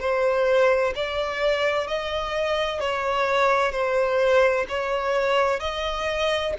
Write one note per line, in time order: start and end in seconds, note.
0.00 0.94 C5
0.95 1.87 D5
1.87 2.80 D#5
2.80 3.72 C#5
3.72 4.66 C5
4.69 5.60 C#5
5.60 6.54 D#5